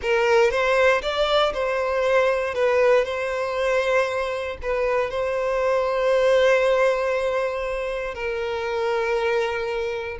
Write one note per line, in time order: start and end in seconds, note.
0.02 0.50 A#4
0.50 1.01 C5
1.01 1.52 D5
1.53 2.54 C5
2.54 3.04 B4
3.04 4.57 C5
4.62 5.10 B4
5.10 8.14 C5
8.14 10.17 A#4